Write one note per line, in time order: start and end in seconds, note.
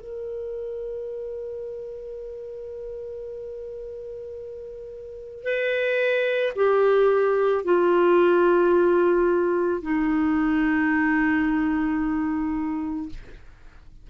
0.00 5.43 A#4
5.43 6.53 B4
6.55 7.64 G4
7.64 9.82 F4
9.82 13.09 D#4